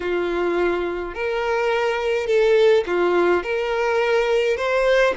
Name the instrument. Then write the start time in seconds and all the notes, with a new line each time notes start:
violin
0.00 F4
1.14 A#4
2.26 A4
2.86 F4
3.43 A#4
4.57 C5